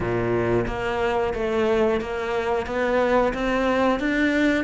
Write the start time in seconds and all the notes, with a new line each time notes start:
0.00 A#2
0.66 A#3
1.34 A3
2.00 A#3
2.66 B3
3.33 C4
3.99 D4